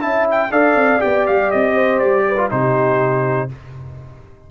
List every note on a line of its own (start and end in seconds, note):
0.00 0.51 C#4
0.00 0.50 E4
0.00 0.51 E5
0.00 0.27 A5
0.31 0.51 G5
0.51 0.75 D4
0.51 0.99 A4
0.51 1.75 D5
0.51 1.01 F5
0.75 1.00 C4
0.99 1.29 B3
0.99 2.35 G4
0.99 1.26 G5
1.27 1.53 G3
1.27 1.51 F5
1.51 2.01 C4
1.51 1.99 D#5
1.75 2.24 C5
1.99 2.51 G3
1.99 2.48 D5
2.28 2.51 B4
2.37 2.50 F4
2.50 3.51 C3
2.50 3.49 D#4
2.50 3.50 G4
2.50 3.50 C5